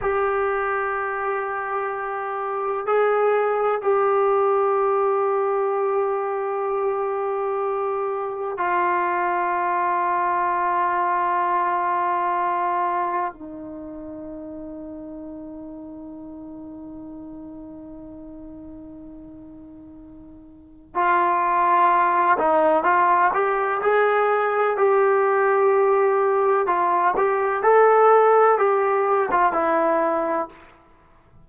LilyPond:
\new Staff \with { instrumentName = "trombone" } { \time 4/4 \tempo 4 = 63 g'2. gis'4 | g'1~ | g'4 f'2.~ | f'2 dis'2~ |
dis'1~ | dis'2 f'4. dis'8 | f'8 g'8 gis'4 g'2 | f'8 g'8 a'4 g'8. f'16 e'4 | }